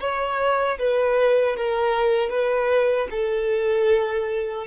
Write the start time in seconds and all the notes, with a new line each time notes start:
0.00 C#5
0.79 B4
1.57 A#4
2.30 B4
3.10 A4